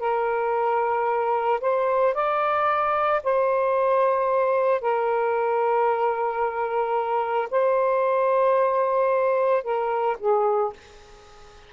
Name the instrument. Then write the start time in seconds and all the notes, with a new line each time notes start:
saxophone
0.00 A#4
1.61 C5
2.15 D5
3.24 C5
4.81 A#4
7.51 C5
9.64 A#4
10.20 G#4